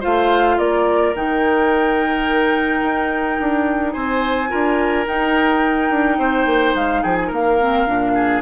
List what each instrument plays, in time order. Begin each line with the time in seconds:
0.00 bassoon A3, clarinet F4, oboe C5, flute F5
0.58 bassoon A#3, oboe A#4, flute D5
1.14 bassoon D#3, clarinet D#4, flute G5
2.82 bassoon D#4
3.39 bassoon D4
3.92 bassoon C4, oboe C5, flute G#5
4.48 bassoon D4, clarinet F4, oboe A#4
5.06 bassoon D#4, clarinet D#4, flute G5
5.90 bassoon D4
6.18 bassoon C4, oboe C5
6.46 bassoon A#3
6.74 bassoon G#3, flute F5
7.02 bassoon F3, oboe G#4, flute G5
7.16 flute G#5
7.27 bassoon A#3, oboe A#4
7.34 flute F5
7.60 clarinet C4
7.86 bassoon A#2, clarinet D4
8.14 oboe G#4